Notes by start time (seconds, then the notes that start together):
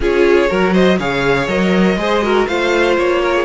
0.00 C#4 F4 G#4 C#5
0.49 F#3 F#4 A#4
0.72 C5 D#5
0.99 C#3 G#4 C#5 F5
1.47 F#3 A#4 D#5
1.96 G#3 G#4 C5
2.22 F#4 A#4
2.47 A3 F4 C5 F5
2.97 A#3 C#5
3.22 A#4
3.35 G#4